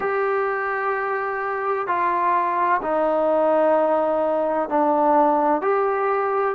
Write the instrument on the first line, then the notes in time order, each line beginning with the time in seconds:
trombone
0.00 G4
1.87 F4
2.81 D#4
4.69 D4
5.61 G4